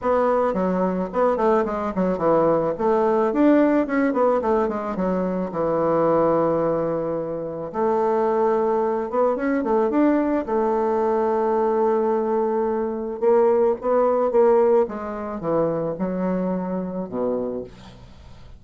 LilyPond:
\new Staff \with { instrumentName = "bassoon" } { \time 4/4 \tempo 4 = 109 b4 fis4 b8 a8 gis8 fis8 | e4 a4 d'4 cis'8 b8 | a8 gis8 fis4 e2~ | e2 a2~ |
a8 b8 cis'8 a8 d'4 a4~ | a1 | ais4 b4 ais4 gis4 | e4 fis2 b,4 | }